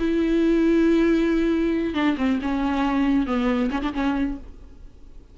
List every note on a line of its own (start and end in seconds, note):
0.00 1.95 E4
1.95 2.17 D4
2.18 2.40 C4
2.42 3.27 C#4
3.27 3.71 B3
3.71 3.82 C#4
3.83 3.94 D4
3.94 4.38 C#4